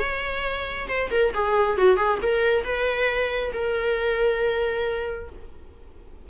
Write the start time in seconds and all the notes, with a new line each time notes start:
0.00 C#5
0.89 C5
1.11 A#4
1.34 G#4
1.78 F#4
1.97 G#4
2.23 A#4
2.65 B4
3.53 A#4